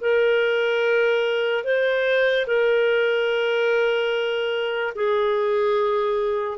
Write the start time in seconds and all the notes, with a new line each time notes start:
0.00 A#4
1.64 C5
2.47 A#4
4.95 G#4